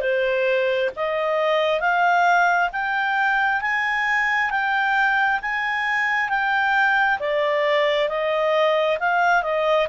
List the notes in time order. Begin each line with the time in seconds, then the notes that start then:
0.00 C5
0.96 D#5
1.80 F5
2.72 G5
3.61 G#5
4.50 G5
5.41 G#5
6.29 G5
7.19 D5
8.08 D#5
8.99 F5
9.43 D#5